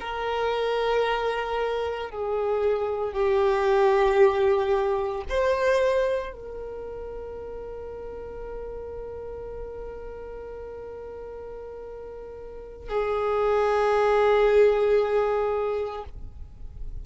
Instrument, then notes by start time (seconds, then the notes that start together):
violin
0.00 A#4
2.11 G#4
3.13 G4
5.29 C5
6.33 A#4
12.89 G#4